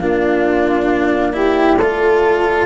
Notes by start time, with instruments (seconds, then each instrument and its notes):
0.00 tuba A#3, cello D4, flute F4, clarinet D5
1.33 cello E4, flute G4
1.79 tuba A3, cello F4, flute A4